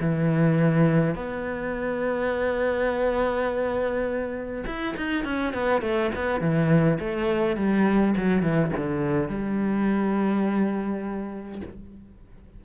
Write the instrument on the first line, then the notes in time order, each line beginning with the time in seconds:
cello
0.00 E3
1.15 B3
4.66 E4
4.97 D#4
5.24 C#4
5.53 B3
5.81 A3
6.15 B3
6.40 E3
6.99 A3
7.56 G3
8.16 F#3
8.42 E3
8.77 D3
9.28 G3